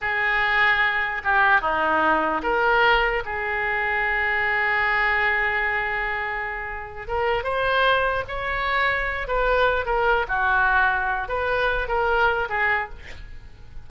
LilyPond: \new Staff \with { instrumentName = "oboe" } { \time 4/4 \tempo 4 = 149 gis'2. g'4 | dis'2 ais'2 | gis'1~ | gis'1~ |
gis'4. ais'4 c''4.~ | c''8 cis''2~ cis''8 b'4~ | b'8 ais'4 fis'2~ fis'8 | b'4. ais'4. gis'4 | }